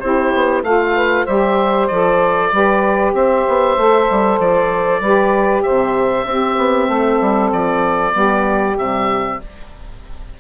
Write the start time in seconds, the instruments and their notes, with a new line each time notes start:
0.00 bassoon C4, saxophone E4 G4, oboe C5
0.34 bassoon B3
0.63 bassoon A3, saxophone F4 A4, oboe F5
0.94 saxophone B4
1.24 bassoon G3, saxophone G4 C5, oboe E5
1.87 bassoon F3, saxophone A4, oboe D5
2.52 bassoon G3, saxophone G4 B4
3.13 bassoon C4, saxophone C5, oboe E5
3.48 bassoon B3
3.77 bassoon A3, saxophone A4
4.10 bassoon G3
4.39 bassoon F3, oboe D5
5.00 bassoon G3, saxophone G4 B4
5.63 bassoon C3, saxophone C5, oboe E5
6.25 saxophone C4 G4, bassoon C4
6.58 bassoon B3
6.88 bassoon A3, saxophone A4
7.21 bassoon G3
7.52 bassoon F3, oboe D5
8.11 bassoon G3, saxophone B3 G4
8.77 bassoon C3, saxophone G3, oboe E5